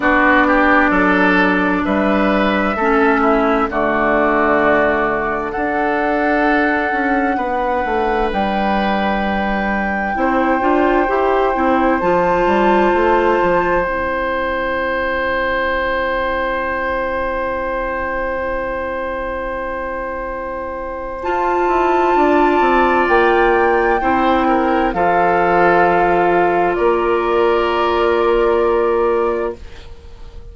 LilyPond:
<<
  \new Staff \with { instrumentName = "flute" } { \time 4/4 \tempo 4 = 65 d''2 e''2 | d''2 fis''2~ | fis''4 g''2.~ | g''4 a''2 g''4~ |
g''1~ | g''2. a''4~ | a''4 g''2 f''4~ | f''4 d''2. | }
  \new Staff \with { instrumentName = "oboe" } { \time 4/4 fis'8 g'8 a'4 b'4 a'8 e'8 | fis'2 a'2 | b'2. c''4~ | c''1~ |
c''1~ | c''1 | d''2 c''8 ais'8 a'4~ | a'4 ais'2. | }
  \new Staff \with { instrumentName = "clarinet" } { \time 4/4 d'2. cis'4 | a2 d'2~ | d'2. e'8 f'8 | g'8 e'8 f'2 e'4~ |
e'1~ | e'2. f'4~ | f'2 e'4 f'4~ | f'1 | }
  \new Staff \with { instrumentName = "bassoon" } { \time 4/4 b4 fis4 g4 a4 | d2 d'4. cis'8 | b8 a8 g2 c'8 d'8 | e'8 c'8 f8 g8 a8 f8 c'4~ |
c'1~ | c'2. f'8 e'8 | d'8 c'8 ais4 c'4 f4~ | f4 ais2. | }
>>